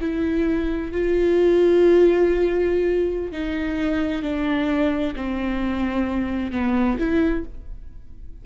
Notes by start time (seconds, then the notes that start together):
0.00 E4
0.91 F4
3.31 D#4
4.22 D4
5.15 C4
6.51 B3
6.98 E4